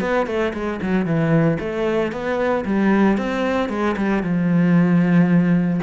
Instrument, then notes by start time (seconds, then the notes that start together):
cello
0.00 B3
0.26 A3
0.54 G#3
0.82 F#3
1.05 E3
1.59 A3
2.12 B3
2.65 G3
3.17 C4
3.69 G#3
3.96 G3
4.22 F3